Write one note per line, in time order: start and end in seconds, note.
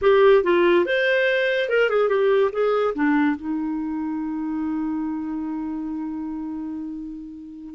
0.01 0.43 G4
0.43 0.85 F4
0.85 1.69 C5
1.69 1.89 A#4
1.89 2.09 G#4
2.09 2.51 G4
2.52 2.94 G#4
2.94 3.36 D4
3.36 7.75 D#4